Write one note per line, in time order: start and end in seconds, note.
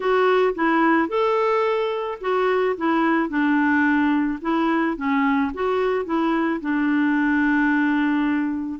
0.00 0.54 F#4
0.54 1.08 E4
1.08 2.18 A4
2.20 2.75 F#4
2.77 3.29 E4
3.29 4.39 D4
4.41 4.96 E4
4.96 5.51 C#4
5.53 6.05 F#4
6.05 6.60 E4
6.61 8.79 D4